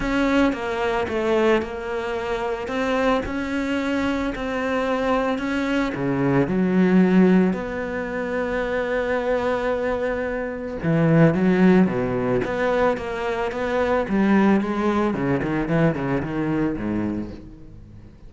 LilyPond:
\new Staff \with { instrumentName = "cello" } { \time 4/4 \tempo 4 = 111 cis'4 ais4 a4 ais4~ | ais4 c'4 cis'2 | c'2 cis'4 cis4 | fis2 b2~ |
b1 | e4 fis4 b,4 b4 | ais4 b4 g4 gis4 | cis8 dis8 e8 cis8 dis4 gis,4 | }